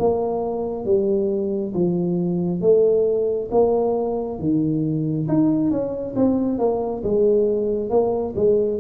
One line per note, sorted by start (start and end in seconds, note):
0.00 0.85 A#3
0.85 1.74 G3
1.75 2.61 F3
2.61 3.50 A3
3.52 4.40 A#3
4.40 5.28 D#3
5.29 5.72 D#4
5.72 6.16 C#4
6.16 6.59 C4
6.59 7.03 A#3
7.04 7.91 G#3
7.91 8.35 A#3
8.37 8.80 G#3